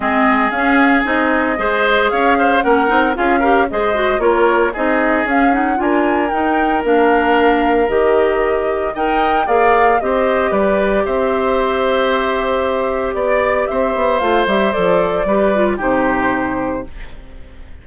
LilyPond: <<
  \new Staff \with { instrumentName = "flute" } { \time 4/4 \tempo 4 = 114 dis''4 f''4 dis''2 | f''4 fis''4 f''4 dis''4 | cis''4 dis''4 f''8 fis''8 gis''4 | g''4 f''2 dis''4~ |
dis''4 g''4 f''4 dis''4 | d''4 e''2.~ | e''4 d''4 e''4 f''8 e''8 | d''2 c''2 | }
  \new Staff \with { instrumentName = "oboe" } { \time 4/4 gis'2. c''4 | cis''8 c''8 ais'4 gis'8 ais'8 c''4 | ais'4 gis'2 ais'4~ | ais'1~ |
ais'4 dis''4 d''4 c''4 | b'4 c''2.~ | c''4 d''4 c''2~ | c''4 b'4 g'2 | }
  \new Staff \with { instrumentName = "clarinet" } { \time 4/4 c'4 cis'4 dis'4 gis'4~ | gis'4 cis'8 dis'8 f'8 g'8 gis'8 fis'8 | f'4 dis'4 cis'8 dis'8 f'4 | dis'4 d'2 g'4~ |
g'4 ais'4 gis'4 g'4~ | g'1~ | g'2. f'8 g'8 | a'4 g'8 f'8 dis'2 | }
  \new Staff \with { instrumentName = "bassoon" } { \time 4/4 gis4 cis'4 c'4 gis4 | cis'4 ais8 c'8 cis'4 gis4 | ais4 c'4 cis'4 d'4 | dis'4 ais2 dis4~ |
dis4 dis'4 ais4 c'4 | g4 c'2.~ | c'4 b4 c'8 b8 a8 g8 | f4 g4 c2 | }
>>